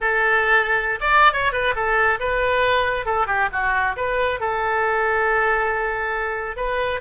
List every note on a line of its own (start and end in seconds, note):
0.01 0.99 A4
1.00 1.33 D5
1.33 1.52 C#5
1.52 1.74 B4
1.75 2.19 A4
2.19 3.05 B4
3.05 3.26 A4
3.26 3.48 G4
3.52 3.96 F#4
3.96 4.40 B4
4.40 6.56 A4
6.56 7.00 B4